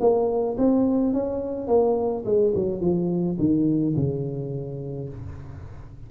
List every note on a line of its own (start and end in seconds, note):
0.00 0.57 A#3
0.58 1.13 C4
1.13 1.67 C#4
1.67 2.24 A#3
2.25 2.53 G#3
2.55 2.81 F#3
2.81 3.37 F3
3.38 3.95 D#3
3.96 5.09 C#3